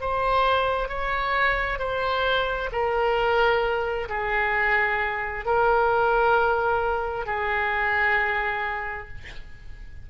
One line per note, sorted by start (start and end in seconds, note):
0.00 0.88 C5
0.88 1.79 C#5
1.79 2.69 C5
2.72 4.08 A#4
4.09 5.45 G#4
5.45 7.26 A#4
7.26 9.07 G#4